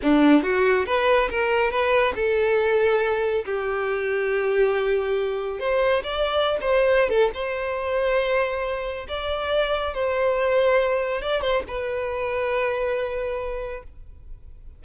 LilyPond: \new Staff \with { instrumentName = "violin" } { \time 4/4 \tempo 4 = 139 d'4 fis'4 b'4 ais'4 | b'4 a'2. | g'1~ | g'4 c''4 d''4~ d''16 c''8.~ |
c''8 a'8 c''2.~ | c''4 d''2 c''4~ | c''2 d''8 c''8 b'4~ | b'1 | }